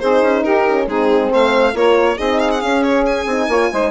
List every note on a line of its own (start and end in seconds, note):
0.00 0.22 C4
0.00 0.68 D#4
0.00 0.44 G#4
0.00 0.43 C5
0.22 0.44 C#4
0.44 0.87 D#4
0.44 0.87 G4
0.44 0.87 A#4
0.68 0.89 C#4
0.87 1.31 G#3
0.87 1.74 C4
0.87 1.30 D#4
0.87 1.33 G#4
1.31 1.74 A3
1.31 1.74 C5
1.31 1.77 F5
1.74 2.18 A#3
1.74 2.17 F4
1.74 2.17 A#4
1.74 2.18 C#5
2.17 2.64 C4
2.17 2.61 D#4
2.17 3.47 G#4
2.17 2.40 D#5
2.40 2.51 F5
2.51 2.61 F#5
2.61 3.26 C#4
2.61 2.83 F5
2.83 3.05 C#5
3.06 3.91 G#5
3.26 3.48 C4
3.26 3.51 D#4
3.48 3.70 A#3
3.48 3.73 F4
3.48 3.71 C#5
3.73 3.91 G#3
3.73 3.91 D#4
3.73 3.91 C5